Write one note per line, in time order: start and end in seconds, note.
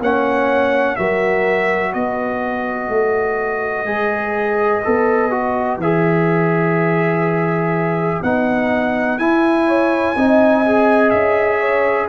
0.00 0.97 A#3
0.00 0.98 C#4
0.00 0.98 C#5
0.00 0.96 F#5
0.96 1.94 F#3
0.96 3.86 F#4
0.96 1.93 A#4
0.96 1.93 E5
1.93 2.89 B3
1.93 9.67 B4
1.93 5.80 D#5
2.89 3.85 A3
3.85 4.82 G#3
3.85 4.83 G#4
4.85 5.78 B3
4.85 5.31 A4
5.31 5.80 F#4
5.78 8.20 E3
5.78 8.24 G#4
5.78 8.23 E5
8.23 9.18 B3
8.23 9.20 D#4
8.23 9.19 F#5
9.18 10.15 E4
9.18 10.16 E4
9.18 11.10 G#5
9.67 10.16 C#5
10.16 11.13 C4
10.16 10.66 D#4
10.16 11.60 D#5
10.66 12.09 G#4
11.10 12.09 C#4
11.10 12.07 E5
11.60 12.08 C#5